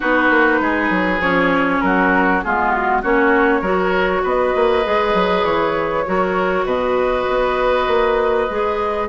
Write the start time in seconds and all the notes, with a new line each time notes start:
0.00 B3 D#4 F#4 B4
0.29 A#3
0.60 G#3 G#4
0.90 F#3
1.19 F3 C#4 C#5
1.80 F#3 F#4 A#4
2.43 G#3 B3 F4 G#4
2.70 F#4
3.02 A#3 C#4 F#4 C#5
3.61 F#3 F#4 A#4
4.23 B3 B4 D#5
4.55 A#3
4.83 G#3 G#4
5.14 F#3
5.44 E3 C#5
6.06 F#3 F#4 A#4
6.64 B2 B4 D#5
7.28 B3
7.87 A#3
8.50 G#3 G#4